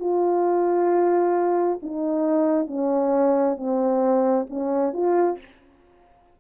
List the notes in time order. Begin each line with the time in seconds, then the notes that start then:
0.00 F4
1.82 D#4
2.67 C#4
3.57 C4
4.49 C#4
4.93 F4